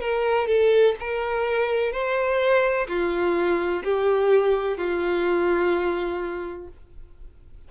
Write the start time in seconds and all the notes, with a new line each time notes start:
0.00 A#4
0.47 A4
1.00 A#4
1.92 C5
2.88 F4
3.84 G4
4.77 F4